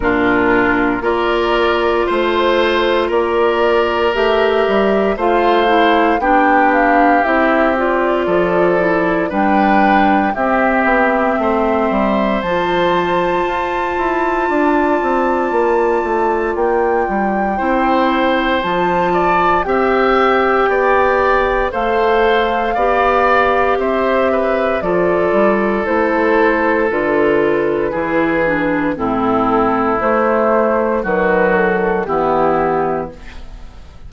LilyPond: <<
  \new Staff \with { instrumentName = "flute" } { \time 4/4 \tempo 4 = 58 ais'4 d''4 c''4 d''4 | e''4 f''4 g''8 f''8 e''8 d''8~ | d''4 g''4 e''2 | a''1 |
g''2 a''4 g''4~ | g''4 f''2 e''4 | d''4 c''4 b'2 | a'4 c''4 b'8 a'8 g'4 | }
  \new Staff \with { instrumentName = "oboe" } { \time 4/4 f'4 ais'4 c''4 ais'4~ | ais'4 c''4 g'2 | a'4 b'4 g'4 c''4~ | c''2 d''2~ |
d''4 c''4. d''8 e''4 | d''4 c''4 d''4 c''8 b'8 | a'2. gis'4 | e'2 fis'4 e'4 | }
  \new Staff \with { instrumentName = "clarinet" } { \time 4/4 d'4 f'2. | g'4 f'8 e'8 d'4 e'8 f'8~ | f'8 e'8 d'4 c'2 | f'1~ |
f'4 e'4 f'4 g'4~ | g'4 a'4 g'2 | f'4 e'4 f'4 e'8 d'8 | c'4 a4 fis4 b4 | }
  \new Staff \with { instrumentName = "bassoon" } { \time 4/4 ais,4 ais4 a4 ais4 | a8 g8 a4 b4 c'4 | f4 g4 c'8 b8 a8 g8 | f4 f'8 e'8 d'8 c'8 ais8 a8 |
ais8 g8 c'4 f4 c'4 | b4 a4 b4 c'4 | f8 g8 a4 d4 e4 | a,4 a4 dis4 e4 | }
>>